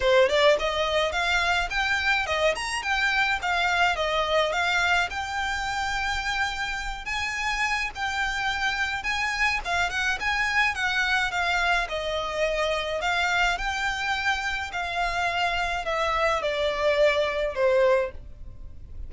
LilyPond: \new Staff \with { instrumentName = "violin" } { \time 4/4 \tempo 4 = 106 c''8 d''8 dis''4 f''4 g''4 | dis''8 ais''8 g''4 f''4 dis''4 | f''4 g''2.~ | g''8 gis''4. g''2 |
gis''4 f''8 fis''8 gis''4 fis''4 | f''4 dis''2 f''4 | g''2 f''2 | e''4 d''2 c''4 | }